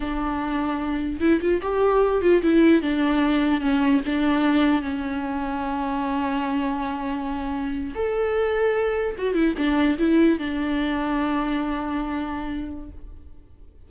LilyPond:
\new Staff \with { instrumentName = "viola" } { \time 4/4 \tempo 4 = 149 d'2. e'8 f'8 | g'4. f'8 e'4 d'4~ | d'4 cis'4 d'2 | cis'1~ |
cis'2.~ cis'8. a'16~ | a'2~ a'8. fis'8 e'8 d'16~ | d'8. e'4 d'2~ d'16~ | d'1 | }